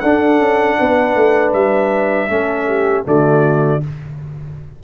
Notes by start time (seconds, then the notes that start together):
0.00 D4 A4 F#5
0.39 C#4
0.79 B3 B4
1.16 A3
1.53 G3 E5
2.29 A3 C#4 A4
2.67 G4
3.05 D3 A3 F#4 D5